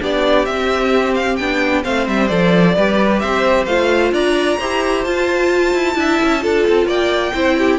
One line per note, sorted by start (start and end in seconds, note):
0.00 0.47 B3
0.00 0.46 D4
0.00 1.84 G4
0.00 0.46 D5
0.46 1.39 C4
0.46 1.40 C4
0.46 1.14 E5
1.15 1.36 F5
1.36 1.85 B3
1.36 1.84 D4
1.36 1.82 G5
1.84 2.08 A3
1.84 2.29 C4
1.84 2.75 C5
1.84 2.07 F5
2.08 2.30 G3
2.08 2.28 E5
2.28 2.77 F3
2.28 2.74 A4
2.28 3.20 D5
2.76 3.23 G3
2.76 3.68 G4
2.76 3.22 B4
3.20 3.66 C4
3.20 4.13 C5
3.20 3.65 E5
3.66 4.12 A3
3.66 4.60 F4
3.66 4.12 F5
4.12 4.57 D4
4.12 4.58 D5
4.12 5.04 A#5
4.58 5.05 E4
4.58 5.06 G4
4.58 5.95 C5
5.04 5.74 F4
5.04 5.94 F4
5.04 6.87 A5
5.74 5.95 E4
5.94 6.18 D4
5.94 6.40 E4
5.94 6.43 E5
6.23 6.45 C#4
6.41 6.68 D4
6.41 7.32 F4
6.41 6.87 A4
6.68 6.86 C4
6.86 7.32 A#3
6.86 7.33 D5
6.86 7.79 G5
7.34 7.79 C4
7.34 7.79 E4
7.34 7.57 C5
7.58 7.79 G4